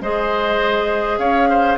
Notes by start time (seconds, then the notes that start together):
0.00 G#3 G#4 C5 D#5
1.18 C#4 C#5 F5
1.49 C5